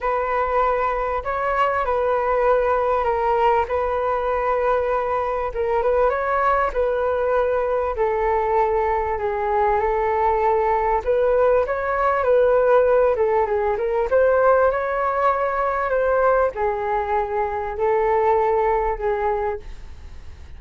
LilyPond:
\new Staff \with { instrumentName = "flute" } { \time 4/4 \tempo 4 = 98 b'2 cis''4 b'4~ | b'4 ais'4 b'2~ | b'4 ais'8 b'8 cis''4 b'4~ | b'4 a'2 gis'4 |
a'2 b'4 cis''4 | b'4. a'8 gis'8 ais'8 c''4 | cis''2 c''4 gis'4~ | gis'4 a'2 gis'4 | }